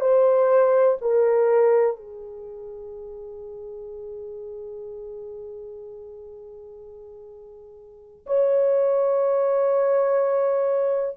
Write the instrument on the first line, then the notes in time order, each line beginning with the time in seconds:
horn
0.00 C5
1.01 A#4
1.96 G#4
8.26 C#5